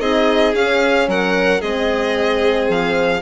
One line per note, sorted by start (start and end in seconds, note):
0.00 0.54 C4
0.00 0.54 D#4
0.00 1.08 G#4
0.00 0.54 D#5
0.54 1.07 C#4
0.54 1.61 C#4
0.54 1.09 F5
1.07 1.61 F#3
1.07 1.61 A#4
1.07 1.61 F#5
1.61 2.69 G#3
1.61 3.22 C4
1.61 3.21 G#4
1.61 2.68 D#5
2.69 3.22 F3
2.69 3.22 F5